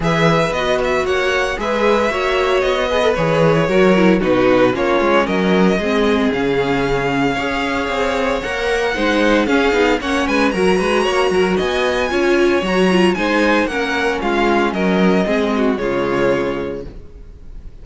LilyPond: <<
  \new Staff \with { instrumentName = "violin" } { \time 4/4 \tempo 4 = 114 e''4 dis''8 e''8 fis''4 e''4~ | e''4 dis''4 cis''2 | b'4 cis''4 dis''2 | f''1 |
fis''2 f''4 fis''8 gis''8 | ais''2 gis''2 | ais''4 gis''4 fis''4 f''4 | dis''2 cis''2 | }
  \new Staff \with { instrumentName = "violin" } { \time 4/4 b'2 cis''4 b'4 | cis''4. b'4. ais'4 | fis'4 f'4 ais'4 gis'4~ | gis'2 cis''2~ |
cis''4 c''4 gis'4 cis''8 b'8 | ais'8 b'8 cis''8 ais'8 dis''4 cis''4~ | cis''4 c''4 ais'4 f'4 | ais'4 gis'8 fis'8 f'2 | }
  \new Staff \with { instrumentName = "viola" } { \time 4/4 gis'4 fis'2 gis'4 | fis'4. gis'16 a'16 gis'4 fis'8 e'8 | dis'4 cis'2 c'4 | cis'2 gis'2 |
ais'4 dis'4 cis'8 dis'8 cis'4 | fis'2. f'4 | fis'8 f'8 dis'4 cis'2~ | cis'4 c'4 gis2 | }
  \new Staff \with { instrumentName = "cello" } { \time 4/4 e4 b4 ais4 gis4 | ais4 b4 e4 fis4 | b,4 ais8 gis8 fis4 gis4 | cis2 cis'4 c'4 |
ais4 gis4 cis'8 b8 ais8 gis8 | fis8 gis8 ais8 fis8 b4 cis'4 | fis4 gis4 ais4 gis4 | fis4 gis4 cis2 | }
>>